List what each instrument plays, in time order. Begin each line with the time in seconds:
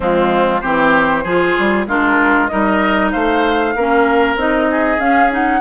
0.00 bassoon F3, clarinet G#3, oboe C4, flute F4
0.60 bassoon E3, clarinet C4, oboe G4, flute C5
1.23 bassoon F3, clarinet F4, oboe G#4
1.58 bassoon G3
1.86 bassoon G#3, clarinet D4, oboe F4, flute A#4
2.47 bassoon G3, clarinet D#4, oboe A#4, flute D#5
3.11 bassoon A3, oboe C5, flute F5
3.75 bassoon A#3, clarinet C#4, oboe A#4
4.35 bassoon C4, clarinet D#4, flute D#5
4.70 oboe G#4
4.98 clarinet C#4, bassoon C#4, flute F5
5.30 clarinet D#4, flute F#5